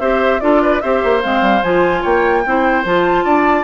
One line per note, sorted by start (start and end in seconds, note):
0.00 0.41 C4
0.00 0.41 G4
0.00 0.41 C5
0.00 0.40 E5
0.40 0.82 D4
0.40 0.81 F4
0.40 0.62 A4
0.40 0.81 D5
0.62 0.82 B4
0.81 1.03 C4
0.81 1.22 G4
0.81 2.02 C5
0.81 1.21 E5
1.03 1.24 A#3
1.22 1.41 G#3
1.22 1.62 C4
1.22 1.63 F5
1.41 1.62 G3
1.63 2.04 F3
1.63 2.45 F4
1.63 2.03 G#5
2.02 2.46 A#3
2.02 2.42 C#5
2.02 2.85 G5
2.46 2.85 C4
2.46 2.85 E4
2.46 3.24 C5
2.85 3.25 F3
2.85 3.64 F4
2.85 3.64 A5
3.24 3.64 D4
3.24 3.64 D5